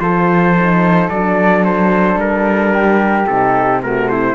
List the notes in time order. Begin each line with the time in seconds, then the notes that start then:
0.00 F3 F4 A4 C5
0.57 D#4
1.10 F#3 D4 D5
1.65 C5
2.16 G3 A#4
2.73 G4
3.26 C3 D#4 A4
3.82 A3 F#4 A#4
4.09 E4 C5